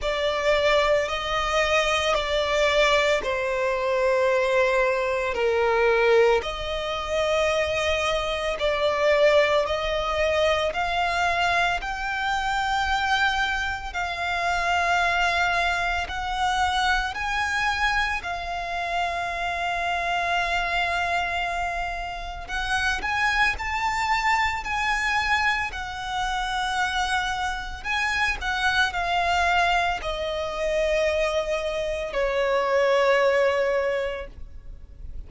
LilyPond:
\new Staff \with { instrumentName = "violin" } { \time 4/4 \tempo 4 = 56 d''4 dis''4 d''4 c''4~ | c''4 ais'4 dis''2 | d''4 dis''4 f''4 g''4~ | g''4 f''2 fis''4 |
gis''4 f''2.~ | f''4 fis''8 gis''8 a''4 gis''4 | fis''2 gis''8 fis''8 f''4 | dis''2 cis''2 | }